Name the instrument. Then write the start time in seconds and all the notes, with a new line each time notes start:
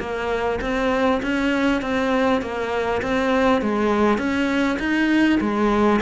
cello
0.00 A#3
0.62 C4
1.23 C#4
1.82 C4
2.42 A#3
3.02 C4
3.62 G#3
4.18 C#4
4.79 D#4
5.41 G#3